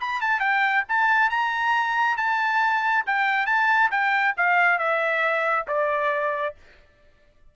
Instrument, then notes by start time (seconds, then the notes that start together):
trumpet
0.00 B5
0.21 A5
0.40 G5
0.89 A5
1.30 A#5
2.17 A5
3.06 G5
3.46 A5
3.91 G5
4.37 F5
4.79 E5
5.67 D5